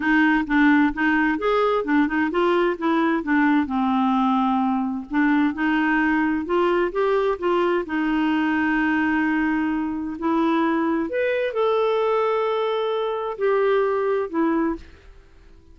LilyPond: \new Staff \with { instrumentName = "clarinet" } { \time 4/4 \tempo 4 = 130 dis'4 d'4 dis'4 gis'4 | d'8 dis'8 f'4 e'4 d'4 | c'2. d'4 | dis'2 f'4 g'4 |
f'4 dis'2.~ | dis'2 e'2 | b'4 a'2.~ | a'4 g'2 e'4 | }